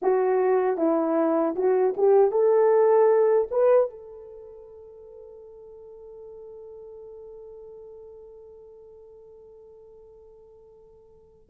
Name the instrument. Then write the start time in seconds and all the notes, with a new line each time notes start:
horn
0.02 F#4
0.77 E4
1.55 F#4
1.97 G4
2.31 A4
3.51 B4
3.90 A4